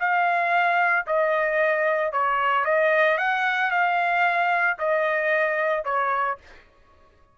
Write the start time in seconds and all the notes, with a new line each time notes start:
0.00 F5
1.07 D#5
2.13 C#5
2.65 D#5
3.18 F#5
3.71 F5
4.79 D#5
5.85 C#5